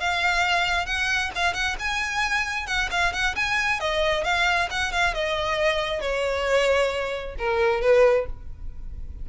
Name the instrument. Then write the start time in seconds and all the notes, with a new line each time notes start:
violin
0.00 F5
0.86 F#5
1.35 F5
1.53 F#5
1.79 G#5
2.67 F#5
2.91 F5
3.13 F#5
3.35 G#5
3.80 D#5
4.24 F5
4.70 F#5
4.92 F5
5.14 D#5
6.01 C#5
7.38 A#4
7.81 B4